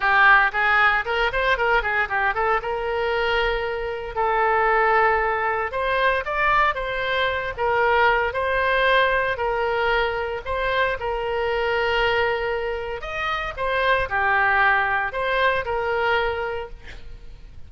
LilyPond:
\new Staff \with { instrumentName = "oboe" } { \time 4/4 \tempo 4 = 115 g'4 gis'4 ais'8 c''8 ais'8 gis'8 | g'8 a'8 ais'2. | a'2. c''4 | d''4 c''4. ais'4. |
c''2 ais'2 | c''4 ais'2.~ | ais'4 dis''4 c''4 g'4~ | g'4 c''4 ais'2 | }